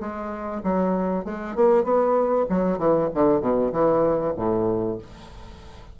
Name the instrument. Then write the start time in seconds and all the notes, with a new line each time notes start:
bassoon
0.00 G#3
0.64 F#3
1.25 G#3
1.55 A#3
1.84 B3
2.49 F#3
2.78 E3
3.14 D3
3.40 B2
3.72 E3
4.36 A2